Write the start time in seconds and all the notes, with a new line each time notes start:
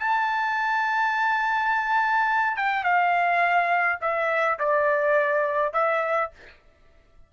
0.00 A5
2.57 G5
2.84 F5
4.01 E5
4.60 D5
5.74 E5